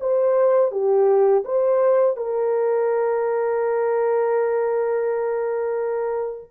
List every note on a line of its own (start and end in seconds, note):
0.00 0.72 C5
0.72 1.44 G4
1.45 2.17 C5
2.17 6.51 A#4